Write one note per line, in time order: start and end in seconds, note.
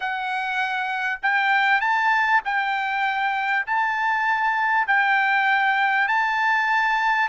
0.00 1.20 F#5
1.22 1.80 G5
1.80 2.41 A5
2.45 3.66 G5
3.66 4.87 A5
4.87 6.07 G5
6.07 7.28 A5